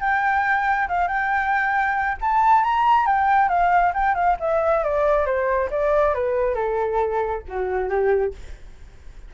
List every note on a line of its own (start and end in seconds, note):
0.00 0.88 G5
0.88 1.08 F5
1.08 2.17 G5
2.21 2.63 A5
2.63 3.06 A#5
3.06 3.49 G5
3.49 3.92 F5
3.94 4.15 G5
4.15 4.37 F5
4.40 4.84 E5
4.84 5.26 D5
5.26 5.69 C5
5.70 6.14 D5
6.14 6.54 B4
6.54 7.42 A4
7.48 7.89 F#4
7.89 8.33 G4